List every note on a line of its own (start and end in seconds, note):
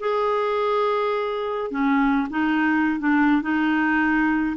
0.00 1.71 G#4
1.71 2.28 C#4
2.30 2.99 D#4
2.99 3.42 D4
3.42 4.56 D#4